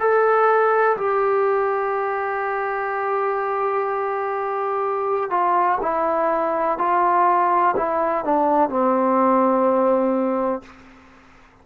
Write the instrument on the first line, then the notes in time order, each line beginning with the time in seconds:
trombone
0.00 A4
0.97 G4
5.30 F4
5.82 E4
6.79 F4
7.77 E4
8.25 D4
8.70 C4